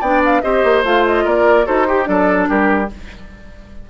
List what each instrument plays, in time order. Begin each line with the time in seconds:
0.00 bassoon B3, clarinet D4, oboe D5, flute G5
0.25 flute F5
0.42 bassoon C4, clarinet G4, oboe C5, flute D#5
0.64 bassoon A#3
0.84 bassoon A3, clarinet F4, flute F5
1.07 flute D#5
1.24 bassoon A#3, oboe A#4, flute D5
1.65 bassoon D#4, clarinet F#4, oboe A4, flute C5
1.87 clarinet G4, oboe G4
2.04 bassoon F#3, clarinet D4, oboe A4, flute D5
2.49 bassoon G3, oboe G4, flute A#4